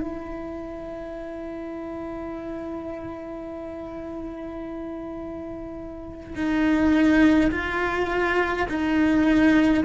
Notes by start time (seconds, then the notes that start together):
0.00 E4
6.36 D#4
7.52 F4
8.69 D#4